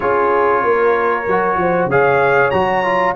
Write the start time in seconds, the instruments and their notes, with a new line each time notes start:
0.00 tuba C#4, trombone F4, horn G#4, trumpet C#5
0.63 tuba A#3, horn A#4
1.27 tuba F#3, trombone F#4
1.56 tuba F3, horn C5
1.86 tuba C#3, trombone G#4, horn C#5, trumpet F5
2.50 tuba F#3, trombone F#4, trumpet A#5
2.84 trombone F4